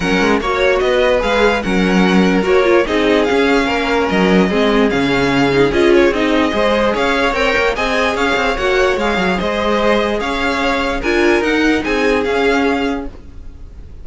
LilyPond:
<<
  \new Staff \with { instrumentName = "violin" } { \time 4/4 \tempo 4 = 147 fis''4 cis''4 dis''4 f''4 | fis''2 cis''4 dis''4 | f''2 dis''2 | f''2 dis''8 cis''8 dis''4~ |
dis''4 f''4 g''4 gis''4 | f''4 fis''4 f''4 dis''4~ | dis''4 f''2 gis''4 | fis''4 gis''4 f''2 | }
  \new Staff \with { instrumentName = "violin" } { \time 4/4 ais'4 cis''4 b'2 | ais'2. gis'4~ | gis'4 ais'2 gis'4~ | gis'1 |
c''4 cis''2 dis''4 | cis''2. c''4~ | c''4 cis''2 ais'4~ | ais'4 gis'2. | }
  \new Staff \with { instrumentName = "viola" } { \time 4/4 cis'4 fis'2 gis'4 | cis'2 fis'8 f'8 dis'4 | cis'2. c'4 | cis'4. dis'8 f'4 dis'4 |
gis'2 ais'4 gis'4~ | gis'4 fis'4 gis'2~ | gis'2. f'4 | dis'2 cis'2 | }
  \new Staff \with { instrumentName = "cello" } { \time 4/4 fis8 gis8 ais4 b4 gis4 | fis2 ais4 c'4 | cis'4 ais4 fis4 gis4 | cis2 cis'4 c'4 |
gis4 cis'4 c'8 ais8 c'4 | cis'8 c'8 ais4 gis8 fis8 gis4~ | gis4 cis'2 d'4 | dis'4 c'4 cis'2 | }
>>